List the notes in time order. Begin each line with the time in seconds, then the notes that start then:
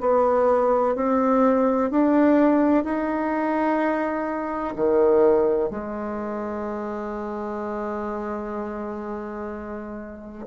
0.00 B3
0.95 C4
1.90 D4
2.84 D#4
4.76 D#3
5.70 G#3